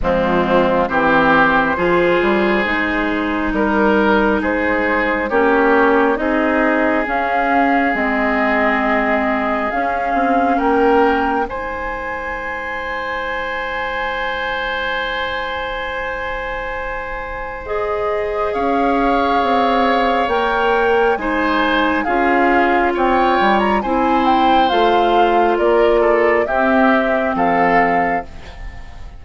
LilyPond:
<<
  \new Staff \with { instrumentName = "flute" } { \time 4/4 \tempo 4 = 68 f'4 c''2. | ais'4 c''4 cis''4 dis''4 | f''4 dis''2 f''4 | g''4 gis''2.~ |
gis''1 | dis''4 f''2 g''4 | gis''4 f''4 g''8. ais''16 gis''8 g''8 | f''4 d''4 e''4 f''4 | }
  \new Staff \with { instrumentName = "oboe" } { \time 4/4 c'4 g'4 gis'2 | ais'4 gis'4 g'4 gis'4~ | gis'1 | ais'4 c''2.~ |
c''1~ | c''4 cis''2. | c''4 gis'4 cis''4 c''4~ | c''4 ais'8 a'8 g'4 a'4 | }
  \new Staff \with { instrumentName = "clarinet" } { \time 4/4 gis4 c'4 f'4 dis'4~ | dis'2 cis'4 dis'4 | cis'4 c'2 cis'4~ | cis'4 dis'2.~ |
dis'1 | gis'2. ais'4 | dis'4 f'2 e'4 | f'2 c'2 | }
  \new Staff \with { instrumentName = "bassoon" } { \time 4/4 f4 e4 f8 g8 gis4 | g4 gis4 ais4 c'4 | cis'4 gis2 cis'8 c'8 | ais4 gis2.~ |
gis1~ | gis4 cis'4 c'4 ais4 | gis4 cis'4 c'8 g8 c'4 | a4 ais4 c'4 f4 | }
>>